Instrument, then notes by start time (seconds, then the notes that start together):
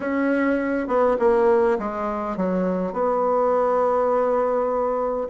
bassoon
0.00 C#4
0.87 B3
1.19 A#3
1.79 G#3
2.36 F#3
2.92 B3